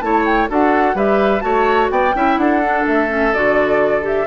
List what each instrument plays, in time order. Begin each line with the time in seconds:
0.00 bassoon A3, clarinet E4, oboe C#5, flute A5
0.25 flute G5
0.48 bassoon D4, clarinet F#4, oboe A4, flute F#5
0.94 bassoon G3, clarinet G4, oboe B4, flute E5
1.40 bassoon A3, clarinet F#4, oboe C#5, flute A5
1.90 bassoon B3, oboe D5, flute G5
2.15 bassoon C#4, clarinet E4, oboe E5
2.37 bassoon D4, oboe A4, flute F#5
2.62 clarinet D4
2.86 bassoon A3, flute E5
3.08 clarinet C#4
3.33 bassoon D3, clarinet F#4, flute D5
4.02 clarinet G4, flute E5